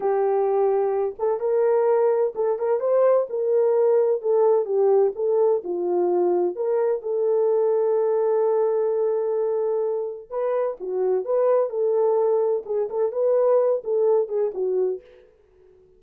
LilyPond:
\new Staff \with { instrumentName = "horn" } { \time 4/4 \tempo 4 = 128 g'2~ g'8 a'8 ais'4~ | ais'4 a'8 ais'8 c''4 ais'4~ | ais'4 a'4 g'4 a'4 | f'2 ais'4 a'4~ |
a'1~ | a'2 b'4 fis'4 | b'4 a'2 gis'8 a'8 | b'4. a'4 gis'8 fis'4 | }